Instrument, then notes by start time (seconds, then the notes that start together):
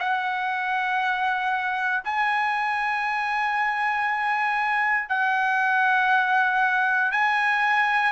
trumpet
0.00 F#5
2.04 G#5
5.09 F#5
7.11 G#5